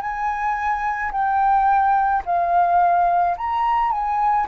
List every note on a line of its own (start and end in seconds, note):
0.00 1.11 G#5
1.12 2.23 G5
2.25 3.36 F5
3.37 3.91 A#5
3.91 4.46 G#5